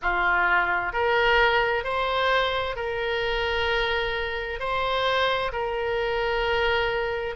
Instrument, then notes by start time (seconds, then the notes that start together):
oboe
0.02 F4
0.92 A#4
1.84 C5
2.76 A#4
4.59 C5
5.52 A#4